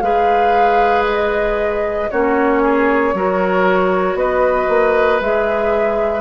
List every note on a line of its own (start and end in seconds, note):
0.00 2.09 G#3
0.00 2.09 G#4
0.00 2.10 B4
0.00 1.03 F5
1.08 2.10 D#5
2.10 3.14 A#3
2.10 3.15 C#4
2.10 2.62 F#4
2.10 4.17 C#5
2.62 3.14 G#4
3.14 4.14 F#3
3.14 5.20 F#4
3.14 4.18 A#4
4.14 4.66 B3
4.14 6.21 B4
4.14 5.20 D#5
4.69 5.20 A#3
5.20 6.21 G#3
5.20 6.21 G#4
5.20 6.21 E5